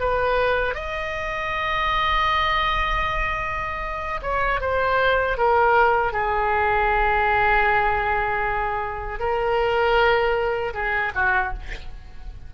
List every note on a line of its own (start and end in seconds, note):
0.00 0.75 B4
0.75 4.21 D#5
4.22 4.61 C#5
4.61 5.38 C5
5.38 6.13 A#4
6.13 9.20 G#4
9.20 10.73 A#4
10.74 11.13 G#4
11.15 11.54 F#4